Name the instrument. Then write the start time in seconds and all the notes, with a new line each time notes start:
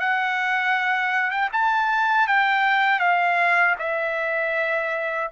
trumpet
0.00 F#5
1.30 G5
1.53 A5
2.28 G5
2.99 F5
3.79 E5